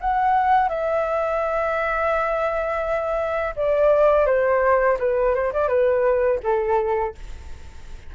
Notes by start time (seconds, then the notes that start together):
0.00 F#5
0.69 E5
3.56 D5
4.26 C5
4.99 B4
5.34 C5
5.53 D5
5.68 B4
6.43 A4